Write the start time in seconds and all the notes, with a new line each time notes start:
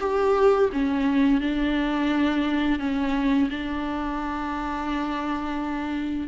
0.00 G4
0.73 C#4
1.41 D4
2.79 C#4
3.50 D4